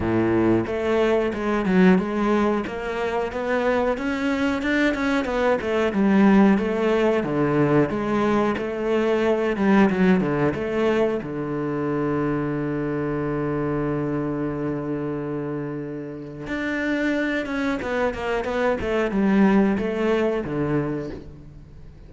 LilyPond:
\new Staff \with { instrumentName = "cello" } { \time 4/4 \tempo 4 = 91 a,4 a4 gis8 fis8 gis4 | ais4 b4 cis'4 d'8 cis'8 | b8 a8 g4 a4 d4 | gis4 a4. g8 fis8 d8 |
a4 d2.~ | d1~ | d4 d'4. cis'8 b8 ais8 | b8 a8 g4 a4 d4 | }